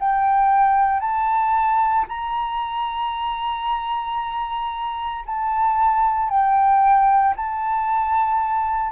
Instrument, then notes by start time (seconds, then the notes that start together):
flute
0.00 G5
1.00 A5
2.09 A#5
5.26 A5
6.30 G5
7.37 A5